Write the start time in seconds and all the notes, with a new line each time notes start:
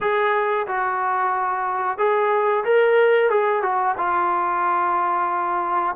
0.00 G#4
0.67 F#4
1.98 G#4
2.64 A#4
3.30 G#4
3.62 F#4
3.97 F4